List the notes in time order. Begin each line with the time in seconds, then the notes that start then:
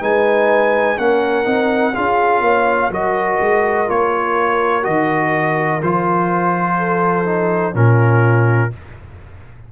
0.00 G#3 D#4 B4 G#5
0.97 A#3 C#4 A#4 F#5
1.44 C4 D#4
1.94 C#4 F4 G#4 F5
2.40 A#3 C#5
2.90 F#3 F#4 A#4 D#5
3.40 G#3
3.87 A#3 F4 C#5
4.82 D#3 F#4 D#5
5.82 F3 F4 C5
6.77 A4
7.25 D#4
7.73 A#2 C#4 F4 A#4